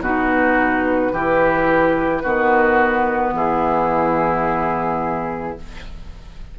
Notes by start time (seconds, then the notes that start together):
0.00 B2 D#4 F#4 B4
1.12 E3 E4 G4
2.23 D#3 B3 F#4
3.33 E3 E4 G#4